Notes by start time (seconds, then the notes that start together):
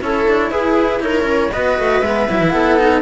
0.00 C#4 E4 A4 C#5
0.28 D4
0.51 E4 G#4 B4
1.01 D#4 A#4 C#5
1.24 C#4
1.52 B3 F#4 B4 D#5
1.80 A3
2.02 G#3 B3 E5
2.30 F#3 E4
2.41 E3
2.50 B3 A4 F#5
2.79 D#4